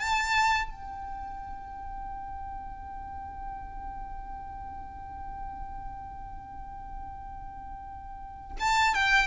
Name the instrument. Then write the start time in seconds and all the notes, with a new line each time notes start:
violin
0.00 A5
0.71 G5
8.60 A5
8.95 G5